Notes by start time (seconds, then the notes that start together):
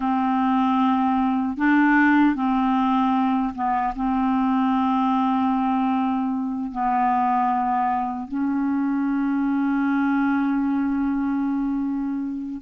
0.00 C4
1.57 D4
2.35 C4
3.54 B3
3.95 C4
6.71 B3
8.28 C#4